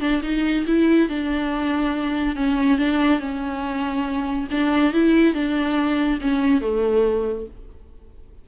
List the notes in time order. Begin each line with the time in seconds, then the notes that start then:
0.00 D4
0.23 D#4
0.66 E4
1.09 D4
2.36 C#4
2.78 D4
3.20 C#4
4.51 D4
4.93 E4
5.34 D4
6.21 C#4
6.61 A3